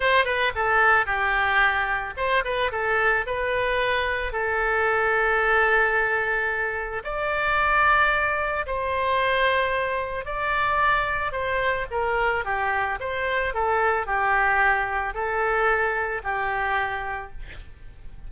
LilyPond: \new Staff \with { instrumentName = "oboe" } { \time 4/4 \tempo 4 = 111 c''8 b'8 a'4 g'2 | c''8 b'8 a'4 b'2 | a'1~ | a'4 d''2. |
c''2. d''4~ | d''4 c''4 ais'4 g'4 | c''4 a'4 g'2 | a'2 g'2 | }